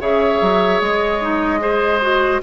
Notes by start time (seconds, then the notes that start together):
0.00 C#3 G#4 C#5 E5
0.41 F#3
0.81 G#3 D#5
1.21 D#4
1.59 G#4 C5
2.02 F#4